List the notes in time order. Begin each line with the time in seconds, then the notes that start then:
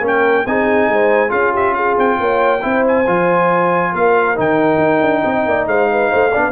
0.00 A#3 C#4 A#4
0.07 G5
0.46 C4 D#4 G#4 G#5
0.89 G#3 C5
1.29 C#4 F4 G#4 F5
1.52 G4 E5
1.74 G#4 F5
1.97 C4 G5
2.20 A#3 C#5
2.61 C4 E4 C5
2.87 G#5
3.07 F3 F4
3.92 A#3 A#4 F5
4.35 D#3 D#4 G5
4.78 D#4
5.01 D4
5.22 C4 D#5
5.45 A#3 D5
5.66 G#3 C5 F5
5.91 B4
6.10 A3 C5
6.31 B3 D4 D5